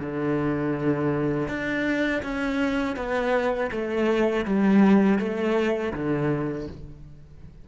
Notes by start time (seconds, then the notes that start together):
0.00 D3
1.48 D4
2.23 C#4
2.96 B3
3.71 A3
4.45 G3
5.19 A3
5.94 D3